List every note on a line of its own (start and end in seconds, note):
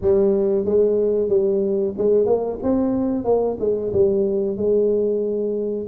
0.01 0.65 G3
0.65 1.28 G#3
1.28 1.94 G3
1.97 2.26 G#3
2.26 2.58 A#3
2.63 3.24 C4
3.24 3.57 A#3
3.59 3.92 G#3
3.92 4.57 G3
4.57 5.87 G#3